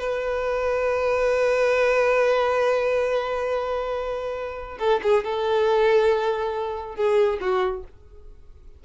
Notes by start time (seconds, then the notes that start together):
0.00 B4
4.79 A4
5.03 G#4
5.25 A4
6.96 G#4
7.41 F#4